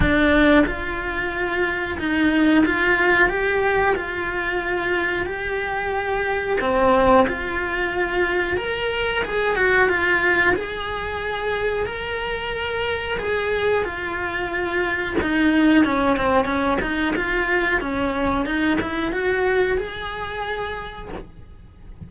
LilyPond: \new Staff \with { instrumentName = "cello" } { \time 4/4 \tempo 4 = 91 d'4 f'2 dis'4 | f'4 g'4 f'2 | g'2 c'4 f'4~ | f'4 ais'4 gis'8 fis'8 f'4 |
gis'2 ais'2 | gis'4 f'2 dis'4 | cis'8 c'8 cis'8 dis'8 f'4 cis'4 | dis'8 e'8 fis'4 gis'2 | }